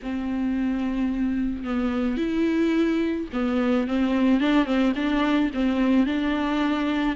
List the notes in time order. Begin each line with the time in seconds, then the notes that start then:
0.02 C4
1.64 B3
2.17 E4
3.33 B3
3.87 C4
4.40 D4
4.65 C4
4.95 D4
5.53 C4
6.06 D4